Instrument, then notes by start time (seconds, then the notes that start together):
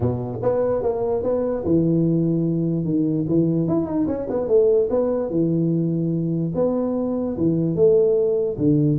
tuba
0.00 B2
0.42 B3
0.82 A#3
1.23 B3
1.64 E3
2.85 D#3
3.28 E3
3.67 E4
3.86 D#4
4.07 C#4
4.29 B3
4.48 A3
4.90 B3
5.30 E3
6.54 B3
7.37 E3
7.75 A3
8.57 D3